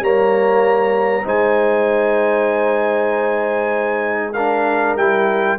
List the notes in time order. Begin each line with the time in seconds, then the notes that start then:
0.00 G3 A#3 C#5 A#5
1.25 G#3 D#4 C5 G#5
4.34 D4 A#4 F5
4.96 G3 E4 G5